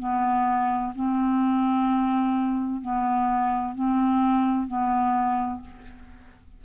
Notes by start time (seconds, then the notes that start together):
0.00 B3
0.95 C4
2.82 B3
3.75 C4
4.67 B3